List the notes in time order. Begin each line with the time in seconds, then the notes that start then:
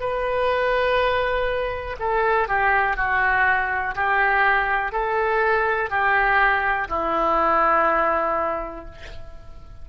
0.00 B4
1.99 A4
2.48 G4
2.97 F#4
3.96 G4
4.92 A4
5.90 G4
6.89 E4